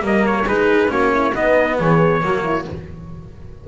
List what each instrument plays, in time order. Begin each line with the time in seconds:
0.00 double bass G3, cello A#3, horn A#4, trumpet D#5
0.27 trumpet C#5
0.46 double bass G#3, cello D#4, horn G#4, trumpet B4
0.88 double bass A#3, cello C#4, horn F#4, trumpet C#5
1.14 horn E4
1.34 cello B3, double bass B3, horn D#4, trumpet D#5
1.79 double bass E3, horn G#4, trumpet C#5
2.21 double bass F#3, cello A#3, horn F#4
2.44 horn E4